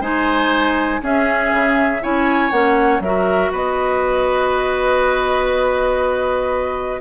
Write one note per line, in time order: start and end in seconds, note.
0.00 1.00 G#3
0.00 1.02 D#4
0.00 1.00 C5
0.00 1.02 G#5
1.02 1.52 C#4
1.02 2.01 C#4
1.02 2.02 G#4
1.02 2.03 E5
1.52 2.02 C#3
2.01 2.51 C#4
2.01 2.51 E4
2.01 3.02 C#5
2.01 2.51 G#5
2.51 2.99 A#3
2.51 3.02 C#4
2.51 3.01 F#5
2.99 3.49 F#3
2.99 7.01 F#4
2.99 3.51 A#4
2.99 3.52 E5
3.51 7.01 B3
3.51 7.01 B4
3.51 7.01 D#5